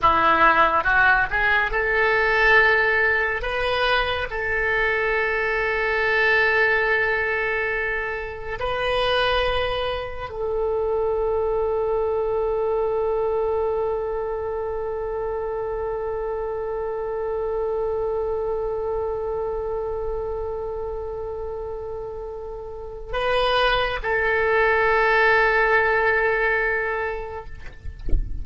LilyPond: \new Staff \with { instrumentName = "oboe" } { \time 4/4 \tempo 4 = 70 e'4 fis'8 gis'8 a'2 | b'4 a'2.~ | a'2 b'2 | a'1~ |
a'1~ | a'1~ | a'2. b'4 | a'1 | }